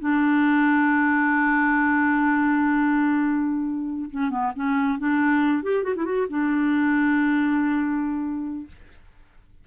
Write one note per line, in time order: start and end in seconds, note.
0.00 4.10 D4
4.11 4.31 C#4
4.31 4.52 B3
4.56 4.99 C#4
4.99 5.63 D4
5.63 5.84 G4
5.84 5.95 F#4
5.96 6.05 E4
6.05 6.27 F#4
6.30 8.67 D4